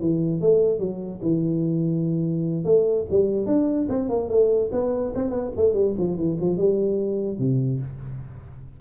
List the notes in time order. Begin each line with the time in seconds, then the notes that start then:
0.00 E3
0.41 A3
0.79 F#3
1.22 E3
2.65 A3
3.10 G3
3.46 D4
3.89 C4
4.09 A#3
4.29 A3
4.72 B3
5.15 C4
5.30 B3
5.56 A3
5.74 G3
5.98 F3
6.17 E3
6.40 F3
6.57 G3
7.38 C3